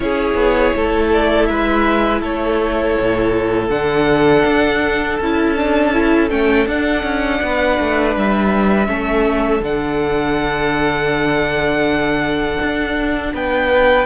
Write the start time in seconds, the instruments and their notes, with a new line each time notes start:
0.00 cello C#4, viola E4, violin G#4 C#5
0.34 cello B3
0.76 cello A3, violin A4
1.12 violin D5
1.45 cello G#3, violin B4 E5
2.21 cello A3, violin A4 C#5
3.00 cello A2
3.69 cello D3, viola D4, violin F#5
4.45 cello D4
5.17 cello C#4, viola E4, violin A5
5.57 viola D4
5.93 viola E4
6.30 cello A3, viola C#4, violin G5
6.66 cello D4, viola D4, violin F#5
7.03 cello C#4
7.42 cello B3, violin B4
7.79 cello A3
8.16 cello G3, violin E5
8.86 cello A3, viola C#4, violin A4
9.60 cello D3, viola D4, violin F#5
12.61 cello D4
13.33 cello B3, violin B4 G5